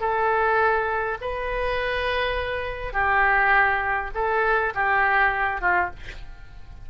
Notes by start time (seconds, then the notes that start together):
0.00 A4
1.21 B4
2.93 G4
4.14 A4
4.75 G4
5.61 F4